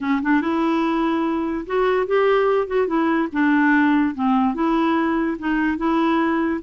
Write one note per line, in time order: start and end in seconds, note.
0.01 0.21 C#4
0.22 0.41 D4
0.41 1.65 E4
1.66 2.07 F#4
2.07 2.67 G4
2.67 2.87 F#4
2.87 3.28 E4
3.32 4.14 D4
4.14 4.54 C4
4.54 5.37 E4
5.38 5.77 D#4
5.77 6.60 E4